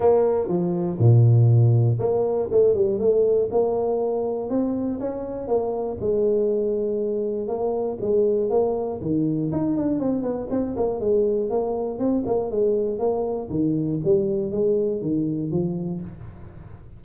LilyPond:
\new Staff \with { instrumentName = "tuba" } { \time 4/4 \tempo 4 = 120 ais4 f4 ais,2 | ais4 a8 g8 a4 ais4~ | ais4 c'4 cis'4 ais4 | gis2. ais4 |
gis4 ais4 dis4 dis'8 d'8 | c'8 b8 c'8 ais8 gis4 ais4 | c'8 ais8 gis4 ais4 dis4 | g4 gis4 dis4 f4 | }